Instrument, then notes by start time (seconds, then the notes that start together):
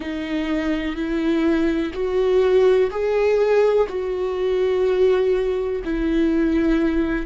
viola
0.00 D#4
0.95 E4
1.93 F#4
2.90 G#4
3.88 F#4
5.84 E4